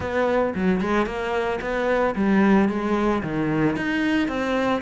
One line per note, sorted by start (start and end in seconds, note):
0.00 0.54 B3
0.54 0.80 F#3
0.80 1.05 G#3
1.05 1.59 A#3
1.61 2.14 B3
2.15 2.68 G3
2.69 3.22 G#3
3.22 3.76 D#3
3.76 4.28 D#4
4.28 4.81 C4